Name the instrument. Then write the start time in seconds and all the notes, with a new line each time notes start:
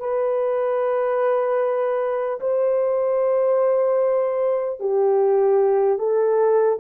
horn
0.00 B4
2.41 C5
4.80 G4
5.99 A4